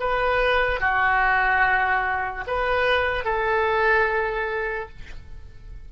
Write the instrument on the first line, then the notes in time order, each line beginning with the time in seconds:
oboe
0.00 B4
0.80 F#4
2.47 B4
3.25 A4